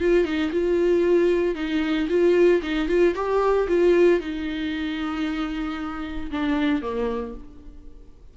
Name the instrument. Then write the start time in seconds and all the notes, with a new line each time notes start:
viola
0.00 F4
0.24 D#4
0.51 F4
1.55 D#4
2.09 F4
2.62 D#4
2.88 F4
3.15 G4
3.67 F4
4.20 D#4
6.31 D4
6.81 A#3